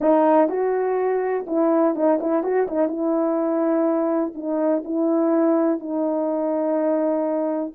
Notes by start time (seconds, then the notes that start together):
0.00 D#4
0.48 F#4
1.46 E4
1.95 D#4
2.20 E4
2.43 F#4
2.67 D#4
2.88 E4
4.34 D#4
4.84 E4
5.79 D#4